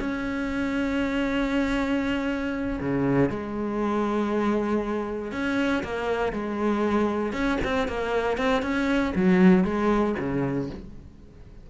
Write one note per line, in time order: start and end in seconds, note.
0.00 2.80 C#4
2.80 3.30 C#3
3.30 5.32 G#3
5.32 5.83 C#4
5.84 6.33 A#3
6.33 7.32 G#3
7.32 7.58 C#4
7.65 7.88 C4
7.88 8.38 A#3
8.38 8.62 C4
8.62 9.13 C#4
9.16 9.64 F#3
9.64 10.15 G#3
10.19 10.70 C#3